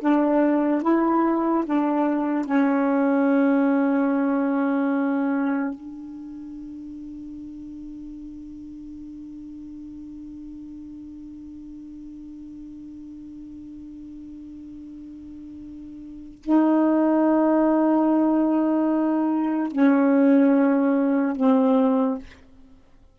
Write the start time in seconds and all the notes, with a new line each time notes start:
0.00 D4
0.82 E4
1.66 D4
2.45 C#4
5.74 D4
16.43 D#4
19.72 C#4
21.36 C4